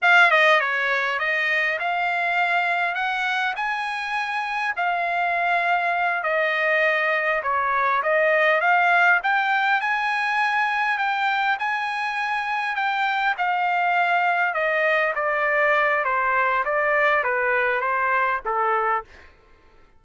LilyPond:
\new Staff \with { instrumentName = "trumpet" } { \time 4/4 \tempo 4 = 101 f''8 dis''8 cis''4 dis''4 f''4~ | f''4 fis''4 gis''2 | f''2~ f''8 dis''4.~ | dis''8 cis''4 dis''4 f''4 g''8~ |
g''8 gis''2 g''4 gis''8~ | gis''4. g''4 f''4.~ | f''8 dis''4 d''4. c''4 | d''4 b'4 c''4 a'4 | }